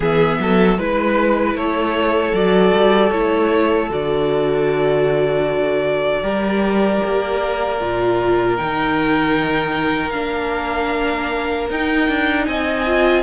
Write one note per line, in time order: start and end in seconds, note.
0.00 0.38 E3
0.00 0.77 B3
0.00 0.38 G#4
0.00 0.79 E5
0.39 0.78 F#3
0.39 0.78 A4
0.78 1.54 G#3
0.78 2.33 E4
0.78 1.56 B4
0.78 1.57 B4
1.54 2.32 A3
1.54 6.23 A4
1.54 2.35 C#5
2.33 2.72 F#3
2.33 3.11 F#4
2.33 3.11 D5
2.73 3.12 G3
3.11 3.89 A3
3.11 3.89 E4
3.11 3.89 C#5
3.89 6.22 D3
3.89 6.22 F#4
3.89 8.56 D5
6.22 7.00 G3
6.22 7.78 G4
6.22 12.46 A#4
7.05 7.81 A#3
7.80 8.59 A#2
7.80 8.57 F4
8.56 10.14 D#3
8.56 10.12 D#4
8.56 10.10 G5
10.10 11.69 A#3
10.10 11.68 D4
10.10 11.65 F5
11.69 12.08 D#4
11.69 12.86 D#4
11.69 12.45 G5
12.08 12.47 D4
12.45 13.23 C4
12.45 13.23 D#5
12.45 13.23 G#5
12.86 13.23 F4